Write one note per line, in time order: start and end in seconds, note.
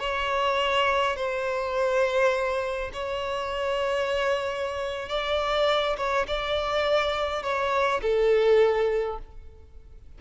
0.00 1.17 C#5
1.17 2.91 C5
2.94 5.09 C#5
5.09 5.97 D5
5.97 6.26 C#5
6.28 7.43 D5
7.43 8.01 C#5
8.02 9.19 A4